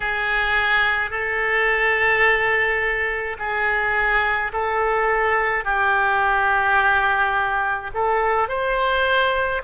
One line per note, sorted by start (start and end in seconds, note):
0.00 1.10 G#4
1.10 3.37 A4
3.39 4.52 G#4
4.53 5.64 A4
5.64 7.90 G4
7.93 8.48 A4
8.48 9.61 C5